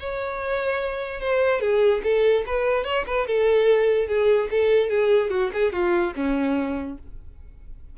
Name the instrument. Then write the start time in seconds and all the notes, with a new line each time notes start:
violin
0.00 C#5
1.21 C5
1.61 G#4
2.04 A4
2.46 B4
2.84 C#5
3.07 B4
3.27 A4
4.08 G#4
4.51 A4
4.90 G#4
5.30 F#4
5.53 G#4
5.73 F4
6.16 C#4